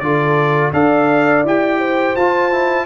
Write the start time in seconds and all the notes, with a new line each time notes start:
0.00 D3 F4 A4 D5
0.73 D4 A4 D5 F5
1.44 E4 G4 G5
1.79 C5
2.16 F4 A5
2.52 E4